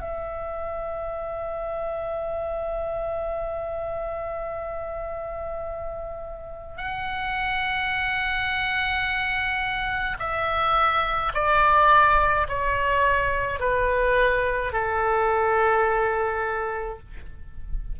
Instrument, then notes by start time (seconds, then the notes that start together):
oboe
0.00 E5
6.77 F#5
10.19 E5
11.34 D5
12.48 C#5
13.59 B4
14.72 A4